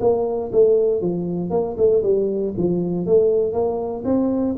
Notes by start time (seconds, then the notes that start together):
0.00 A#3
0.52 A3
1.01 F3
1.50 A#3
1.77 A3
2.03 G3
2.57 F3
3.06 A3
3.52 A#3
4.04 C4